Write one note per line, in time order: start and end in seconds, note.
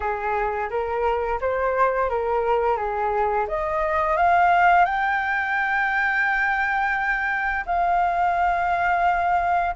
0.00 0.69 G#4
0.70 1.40 A#4
1.40 2.09 C5
2.09 2.76 A#4
2.76 3.46 G#4
3.48 4.16 D#5
4.16 4.85 F5
4.85 7.64 G5
7.66 9.75 F5